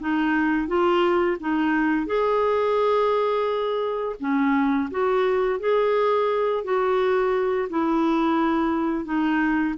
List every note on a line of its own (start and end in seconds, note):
0.00 0.68 D#4
0.68 1.37 F4
1.40 2.06 D#4
2.06 4.16 G#4
4.20 4.89 C#4
4.91 5.59 F#4
5.59 6.64 G#4
6.64 7.68 F#4
7.69 9.05 E4
9.05 9.75 D#4